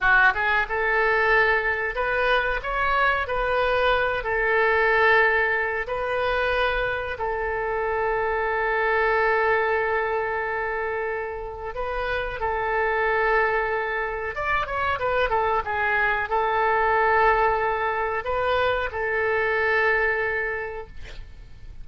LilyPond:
\new Staff \with { instrumentName = "oboe" } { \time 4/4 \tempo 4 = 92 fis'8 gis'8 a'2 b'4 | cis''4 b'4. a'4.~ | a'4 b'2 a'4~ | a'1~ |
a'2 b'4 a'4~ | a'2 d''8 cis''8 b'8 a'8 | gis'4 a'2. | b'4 a'2. | }